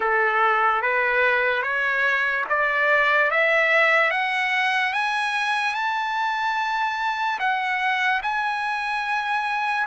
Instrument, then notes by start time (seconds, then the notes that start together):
trumpet
0.00 A4
0.82 B4
1.62 C#5
2.49 D5
3.31 E5
4.11 F#5
4.93 G#5
5.74 A5
7.39 F#5
8.22 G#5